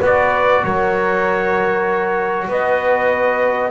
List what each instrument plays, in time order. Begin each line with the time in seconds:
0.00 double bass B3, trombone F#4, horn B4, trumpet D5
0.64 double bass F#3, horn A#4, trumpet C#5
2.48 double bass B3, horn B4, trumpet D#5